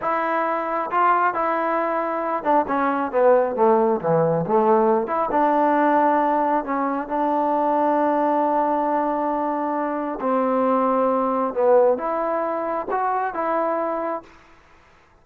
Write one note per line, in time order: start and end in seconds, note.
0.01 0.90 E4
0.91 1.34 F4
1.34 2.43 E4
2.43 2.65 D4
2.67 3.11 C#4
3.11 3.55 B3
3.55 4.00 A3
4.01 4.45 E3
4.46 5.07 A3
5.07 5.29 E4
5.31 6.64 D4
6.64 7.08 C#4
7.08 10.19 D4
10.20 11.53 C4
11.54 11.97 B3
11.97 12.86 E4
12.91 13.33 F#4
13.33 14.22 E4